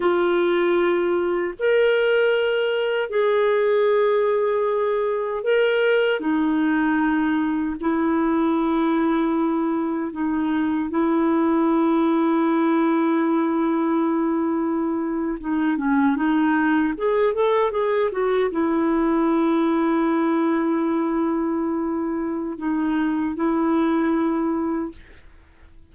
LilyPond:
\new Staff \with { instrumentName = "clarinet" } { \time 4/4 \tempo 4 = 77 f'2 ais'2 | gis'2. ais'4 | dis'2 e'2~ | e'4 dis'4 e'2~ |
e'2.~ e'8. dis'16~ | dis'16 cis'8 dis'4 gis'8 a'8 gis'8 fis'8 e'16~ | e'1~ | e'4 dis'4 e'2 | }